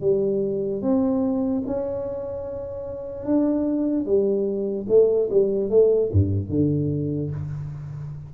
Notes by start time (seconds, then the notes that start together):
0.00 G3
0.81 C4
1.66 C#4
3.25 D4
4.05 G3
4.88 A3
5.30 G3
5.69 A3
6.12 G2
6.49 D3